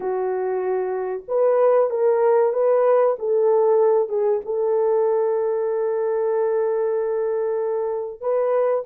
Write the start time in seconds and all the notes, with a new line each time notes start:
0.00 F#4
1.27 B4
1.90 A#4
2.53 B4
3.18 A4
4.09 G#4
4.45 A4
8.20 B4